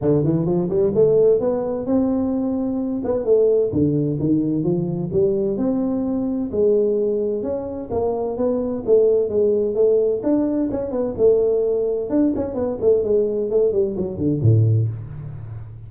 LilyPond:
\new Staff \with { instrumentName = "tuba" } { \time 4/4 \tempo 4 = 129 d8 e8 f8 g8 a4 b4 | c'2~ c'8 b8 a4 | d4 dis4 f4 g4 | c'2 gis2 |
cis'4 ais4 b4 a4 | gis4 a4 d'4 cis'8 b8 | a2 d'8 cis'8 b8 a8 | gis4 a8 g8 fis8 d8 a,4 | }